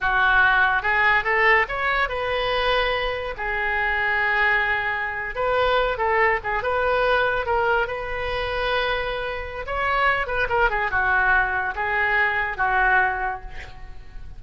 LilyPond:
\new Staff \with { instrumentName = "oboe" } { \time 4/4 \tempo 4 = 143 fis'2 gis'4 a'4 | cis''4 b'2. | gis'1~ | gis'8. b'4. a'4 gis'8 b'16~ |
b'4.~ b'16 ais'4 b'4~ b'16~ | b'2. cis''4~ | cis''8 b'8 ais'8 gis'8 fis'2 | gis'2 fis'2 | }